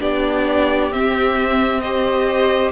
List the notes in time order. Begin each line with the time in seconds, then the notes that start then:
0.00 B3 D4 G4 D5
0.92 C4 E5
1.81 G4 C5 D#5